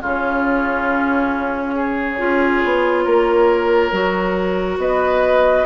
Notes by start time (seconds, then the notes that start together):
0.00 C#3 C#4 F4 C#5
1.75 G#4
2.18 C#4 F4
2.64 B3
3.04 A#3 A#4
3.91 F#3 F#4
4.78 B3 B4 D#5